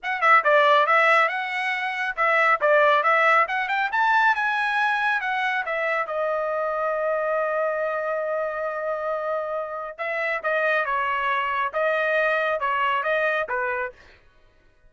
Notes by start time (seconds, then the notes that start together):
0.02 F#5
0.21 E5
0.44 D5
0.86 E5
1.28 F#5
2.16 E5
2.60 D5
3.03 E5
3.48 F#5
3.68 G5
3.92 A5
4.35 G#5
5.21 F#5
5.65 E5
6.07 D#5
9.98 E5
10.43 D#5
10.85 C#5
11.73 D#5
12.60 C#5
13.03 D#5
13.48 B4